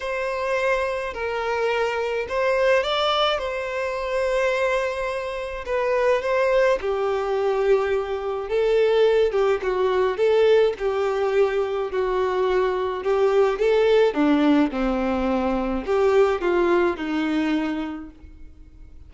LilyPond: \new Staff \with { instrumentName = "violin" } { \time 4/4 \tempo 4 = 106 c''2 ais'2 | c''4 d''4 c''2~ | c''2 b'4 c''4 | g'2. a'4~ |
a'8 g'8 fis'4 a'4 g'4~ | g'4 fis'2 g'4 | a'4 d'4 c'2 | g'4 f'4 dis'2 | }